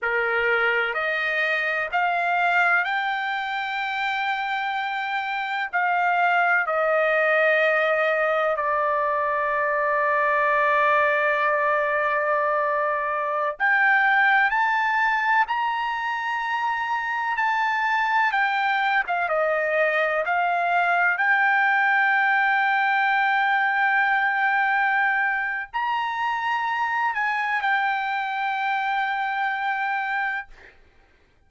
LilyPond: \new Staff \with { instrumentName = "trumpet" } { \time 4/4 \tempo 4 = 63 ais'4 dis''4 f''4 g''4~ | g''2 f''4 dis''4~ | dis''4 d''2.~ | d''2~ d''16 g''4 a''8.~ |
a''16 ais''2 a''4 g''8. | f''16 dis''4 f''4 g''4.~ g''16~ | g''2. ais''4~ | ais''8 gis''8 g''2. | }